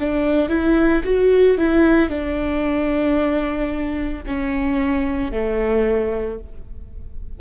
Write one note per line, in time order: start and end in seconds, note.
0.00 0.49 D4
0.49 1.03 E4
1.05 1.58 F#4
1.58 2.09 E4
2.09 4.24 D4
4.27 5.32 C#4
5.32 6.39 A3